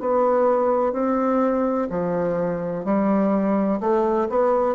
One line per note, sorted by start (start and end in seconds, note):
0.00 0.92 B3
0.92 1.87 C4
1.90 2.84 F3
2.84 3.79 G3
3.80 4.27 A3
4.29 4.75 B3